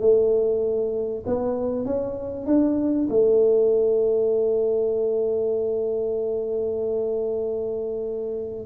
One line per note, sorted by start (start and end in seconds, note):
0.00 1.24 A3
1.26 1.85 B3
1.85 2.46 C#4
2.46 3.08 D4
3.09 8.65 A3